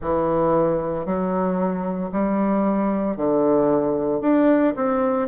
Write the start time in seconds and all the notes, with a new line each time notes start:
0.01 E3
1.05 F#3
2.11 G3
3.16 D3
4.21 D4
4.76 C4